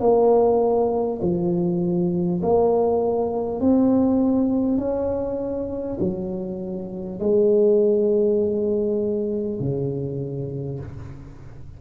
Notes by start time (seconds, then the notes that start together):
0.00 A#3
1.21 F3
2.42 A#3
3.60 C4
4.78 C#4
6.00 F#3
7.19 G#3
9.59 C#3